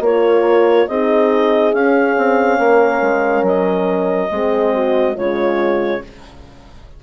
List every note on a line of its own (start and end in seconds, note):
0.00 0.86 A#3
0.00 0.89 F4
0.00 0.89 A#4
0.00 0.88 C#5
0.88 1.74 C4
0.88 1.74 D#4
0.88 2.60 G#4
0.88 1.74 D#5
1.74 2.16 C#4
1.74 4.31 C#4
1.74 3.45 F5
2.17 2.59 C4
2.59 3.02 A#3
2.59 4.31 A#4
3.02 3.42 G#3
3.42 4.28 F#3
3.42 5.17 D#5
4.31 5.17 G#3
4.31 5.17 C4
4.31 4.74 G#4
4.74 5.16 F#4
5.16 6.03 C#3
5.16 6.03 G#3
5.16 6.02 F4
5.16 6.03 C#5